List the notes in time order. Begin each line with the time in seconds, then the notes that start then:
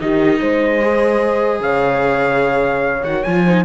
0.00 D#3 D#4 G4 D#5
0.40 G#3 C5
0.81 G#4
1.59 C#3 C#5 F5
3.03 D#3 F#4 F#5
3.23 F3 F4 G#5
3.45 D#4 C5